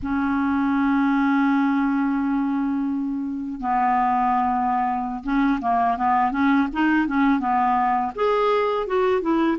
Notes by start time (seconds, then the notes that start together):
0.02 C#4
3.60 B3
5.23 C#4
5.61 A#3
5.97 B3
6.31 C#4
6.73 D#4
7.07 C#4
7.39 B3
8.15 G#4
8.87 F#4
9.21 E4